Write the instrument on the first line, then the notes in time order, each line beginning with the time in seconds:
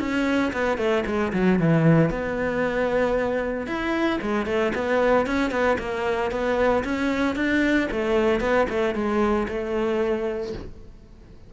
cello
0.00 C#4
0.53 B3
0.78 A3
1.07 G#3
1.33 F#3
1.60 E3
2.11 B3
3.67 E4
4.22 G#3
4.47 A3
4.75 B3
5.27 C#4
5.51 B3
5.79 A#3
6.32 B3
6.84 C#4
7.36 D4
7.92 A3
8.41 B3
8.70 A3
8.95 G#3
9.49 A3